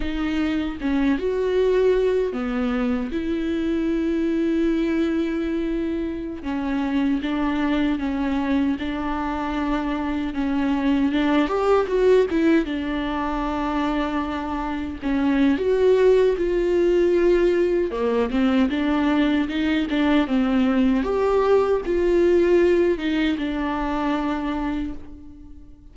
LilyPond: \new Staff \with { instrumentName = "viola" } { \time 4/4 \tempo 4 = 77 dis'4 cis'8 fis'4. b4 | e'1~ | e'16 cis'4 d'4 cis'4 d'8.~ | d'4~ d'16 cis'4 d'8 g'8 fis'8 e'16~ |
e'16 d'2. cis'8. | fis'4 f'2 ais8 c'8 | d'4 dis'8 d'8 c'4 g'4 | f'4. dis'8 d'2 | }